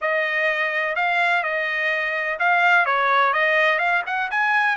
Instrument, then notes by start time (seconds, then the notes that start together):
trumpet
0.01 D#5
0.95 F5
1.43 D#5
2.39 F5
2.85 C#5
3.33 D#5
3.78 F5
4.06 F#5
4.30 G#5